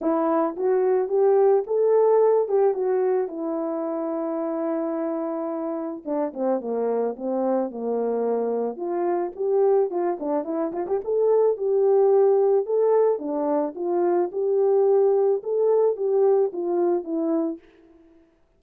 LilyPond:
\new Staff \with { instrumentName = "horn" } { \time 4/4 \tempo 4 = 109 e'4 fis'4 g'4 a'4~ | a'8 g'8 fis'4 e'2~ | e'2. d'8 c'8 | ais4 c'4 ais2 |
f'4 g'4 f'8 d'8 e'8 f'16 g'16 | a'4 g'2 a'4 | d'4 f'4 g'2 | a'4 g'4 f'4 e'4 | }